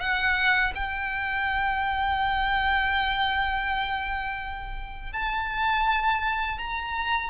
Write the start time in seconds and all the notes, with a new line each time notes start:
0.00 F#5
0.75 G5
5.13 A5
6.58 A#5